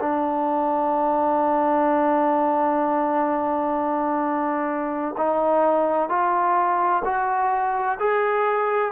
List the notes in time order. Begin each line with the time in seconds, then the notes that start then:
0.00 D4
5.18 D#4
6.09 F4
7.05 F#4
8.00 G#4